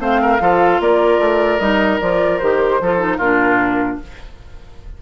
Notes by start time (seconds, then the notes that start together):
0.00 A3 C4 C5 F5
0.22 A#4
0.40 F3 F4 A4
0.80 A#3 A#4 D5
1.19 A3
1.60 G3 D#4 D#5
2.00 F3 F4 D5
2.39 D#3 G4 C5
2.81 F3 F4 A4
2.99 D#4
3.17 A#2 D4 F4 A#4